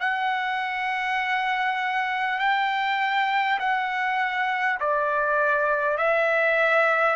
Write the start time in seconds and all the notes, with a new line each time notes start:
0.00 F#5
2.38 G5
3.59 F#5
4.80 D5
5.98 E5